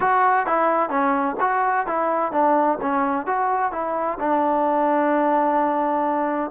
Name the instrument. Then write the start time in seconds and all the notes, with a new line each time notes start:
trombone
0.00 F#4
0.46 E4
0.89 C#4
1.40 F#4
1.86 E4
2.32 D4
2.81 C#4
3.26 F#4
3.71 E4
4.19 D4